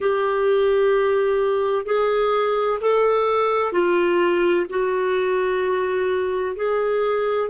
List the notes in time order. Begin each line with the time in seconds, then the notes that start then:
0.00 G4
1.85 G#4
2.80 A4
3.72 F4
4.69 F#4
6.55 G#4